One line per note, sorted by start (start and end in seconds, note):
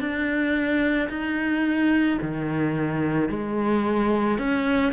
0.00 1.09 D4
1.09 2.18 D#4
2.22 3.29 D#3
3.29 4.38 G#3
4.38 4.92 C#4